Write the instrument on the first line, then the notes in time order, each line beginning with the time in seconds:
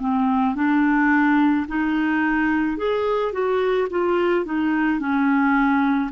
clarinet
0.00 C4
0.55 D4
1.67 D#4
2.77 G#4
3.32 F#4
3.90 F4
4.45 D#4
4.99 C#4